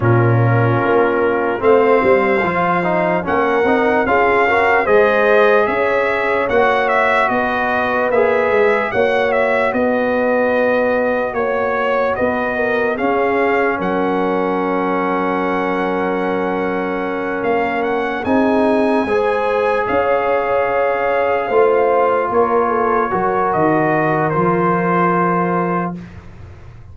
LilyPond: <<
  \new Staff \with { instrumentName = "trumpet" } { \time 4/4 \tempo 4 = 74 ais'2 f''2 | fis''4 f''4 dis''4 e''4 | fis''8 e''8 dis''4 e''4 fis''8 e''8 | dis''2 cis''4 dis''4 |
f''4 fis''2.~ | fis''4. f''8 fis''8 gis''4.~ | gis''8 f''2. cis''8~ | cis''4 dis''4 c''2 | }
  \new Staff \with { instrumentName = "horn" } { \time 4/4 f'2 c''2 | ais'4 gis'8 ais'8 c''4 cis''4~ | cis''4 b'2 cis''4 | b'2 cis''4 b'8 ais'8 |
gis'4 ais'2.~ | ais'2~ ais'8 gis'4 c''8~ | c''8 cis''2 c''4 ais'8 | a'8 ais'2.~ ais'8 | }
  \new Staff \with { instrumentName = "trombone" } { \time 4/4 cis'2 c'4 f'8 dis'8 | cis'8 dis'8 f'8 fis'8 gis'2 | fis'2 gis'4 fis'4~ | fis'1 |
cis'1~ | cis'2~ cis'8 dis'4 gis'8~ | gis'2~ gis'8 f'4.~ | f'8 fis'4. f'2 | }
  \new Staff \with { instrumentName = "tuba" } { \time 4/4 ais,4 ais4 a8 g8 f4 | ais8 c'8 cis'4 gis4 cis'4 | ais4 b4 ais8 gis8 ais4 | b2 ais4 b4 |
cis'4 fis2.~ | fis4. ais4 c'4 gis8~ | gis8 cis'2 a4 ais8~ | ais8 fis8 dis4 f2 | }
>>